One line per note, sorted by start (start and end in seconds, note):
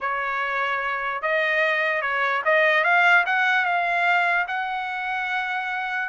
0.00 1.22 C#5
1.22 2.01 D#5
2.01 2.42 C#5
2.44 2.84 D#5
2.84 3.24 F5
3.26 3.65 F#5
3.65 4.46 F5
4.47 6.09 F#5